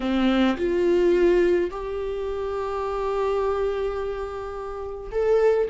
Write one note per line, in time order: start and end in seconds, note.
0.00 0.56 C4
0.57 1.70 F4
1.70 5.10 G4
5.11 5.68 A4